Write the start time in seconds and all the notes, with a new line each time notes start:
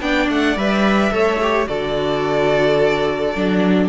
0.00 B3 D4 D5 G5
0.29 A3 F#5
0.56 G3 B4 E5
1.11 A3 A4 C#5
1.42 G4
1.67 D3 F#4 A4 D5
3.35 F#3 D4